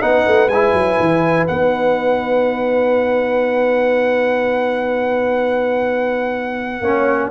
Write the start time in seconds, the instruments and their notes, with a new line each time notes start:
0.00 tuba B3, trombone D#4, horn B4, trumpet F#5
0.27 tuba A3
0.48 tuba G#3, trombone E4, trumpet G#5
0.73 tuba F#3
0.99 tuba E3
1.47 tuba B3, trombone D#4, trumpet F#5
6.81 tuba A#3, trombone C#4, horn C#5